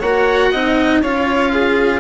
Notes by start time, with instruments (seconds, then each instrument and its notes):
0.00 bassoon A#3, cello F#4, violin C#5, oboe F#5
0.52 bassoon C4, cello D#4, violin D#5
1.02 bassoon C#4, cello F4, violin C#5, oboe F5
1.53 violin G#4